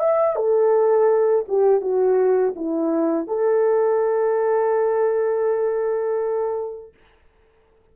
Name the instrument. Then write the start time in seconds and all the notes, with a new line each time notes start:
horn
0.00 E5
0.36 A4
1.48 G4
1.81 F#4
2.56 E4
3.28 A4